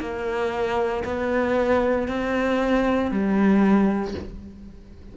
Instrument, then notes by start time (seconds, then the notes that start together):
cello
0.00 A#3
1.04 B3
2.08 C4
3.11 G3